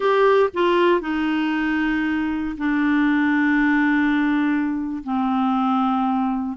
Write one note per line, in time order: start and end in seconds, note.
0.00 0.49 G4
0.53 1.01 F4
1.01 2.56 D#4
2.57 5.03 D4
5.03 6.57 C4